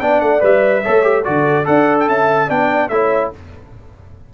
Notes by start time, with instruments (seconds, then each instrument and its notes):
0.00 tuba B3, trombone D4, horn D5, trumpet G5
0.21 tuba A3, trumpet F#5
0.40 tuba G3, trombone B4, trumpet E5
0.83 tuba A3, trombone A4, horn C#5
1.02 trombone G4
1.24 tuba D3, trombone F#4, horn A4, trumpet D5
1.64 tuba D4, trombone A4, horn D5, trumpet F#5
2.00 trumpet G5
2.08 tuba C#4, horn E5, trumpet A5
2.47 tuba B3, trombone D4, horn D5, trumpet G5
2.89 tuba A3, trombone E4, horn C#5, trumpet E5